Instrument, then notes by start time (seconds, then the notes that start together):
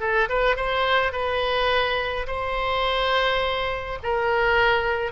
oboe
0.00 A4
0.29 B4
0.56 C5
1.12 B4
2.27 C5
4.03 A#4